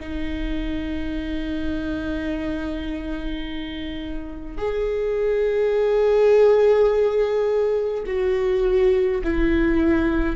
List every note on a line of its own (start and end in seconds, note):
0.00 4.57 D#4
4.57 8.03 G#4
8.06 9.22 F#4
9.24 10.36 E4